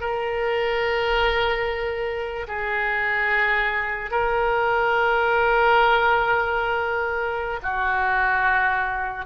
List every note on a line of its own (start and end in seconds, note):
0.00 2.47 A#4
2.48 4.11 G#4
4.11 7.60 A#4
7.62 9.25 F#4